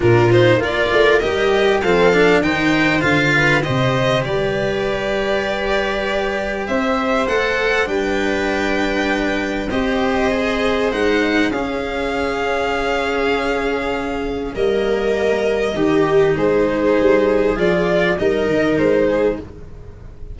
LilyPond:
<<
  \new Staff \with { instrumentName = "violin" } { \time 4/4 \tempo 4 = 99 ais'8 c''8 d''4 dis''4 f''4 | g''4 f''4 dis''4 d''4~ | d''2. e''4 | fis''4 g''2. |
dis''2 fis''4 f''4~ | f''1 | dis''2. c''4~ | c''4 d''4 dis''4 c''4 | }
  \new Staff \with { instrumentName = "viola" } { \time 4/4 f'4 ais'2 a'4 | c''4. b'8 c''4 b'4~ | b'2. c''4~ | c''4 b'2. |
c''2. gis'4~ | gis'1 | ais'2 g'4 gis'4~ | gis'2 ais'4. gis'8 | }
  \new Staff \with { instrumentName = "cello" } { \time 4/4 d'8 dis'8 f'4 g'4 c'8 d'8 | dis'4 f'4 g'2~ | g'1 | a'4 d'2. |
g'4 gis'4 dis'4 cis'4~ | cis'1 | ais2 dis'2~ | dis'4 f'4 dis'2 | }
  \new Staff \with { instrumentName = "tuba" } { \time 4/4 ais,4 ais8 a8 g4 f4 | dis4 d4 c4 g4~ | g2. c'4 | a4 g2. |
c'2 gis4 cis'4~ | cis'1 | g2 dis4 gis4 | g4 f4 g8 dis8 gis4 | }
>>